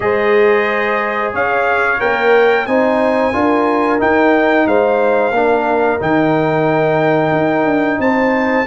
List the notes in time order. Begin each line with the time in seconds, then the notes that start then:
0.00 G#3 G#4 C5 D#5
1.33 C#4 C#5 F5
1.99 A#3 A#4 G5
2.66 C4 D#4 C5 G#5
3.32 D4 F4 A#4
3.98 D#4 G5
4.66 G#3 C5 F5
5.31 A#3 D4 A#4
5.99 D#3 D#4 G5
7.31 D#4
7.65 D4
7.98 C4 C5 A5